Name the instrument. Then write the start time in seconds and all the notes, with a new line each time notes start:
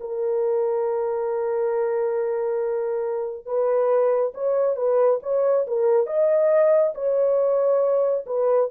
horn
0.00 A#4
3.45 B4
4.34 C#5
4.76 B4
5.22 C#5
5.67 A#4
6.06 D#5
6.94 C#5
8.26 B4